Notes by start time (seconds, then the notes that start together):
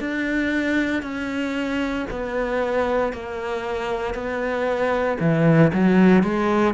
0.00 D4
1.03 C#4
2.10 B3
3.13 A#3
4.14 B3
5.20 E3
5.73 F#3
6.23 G#3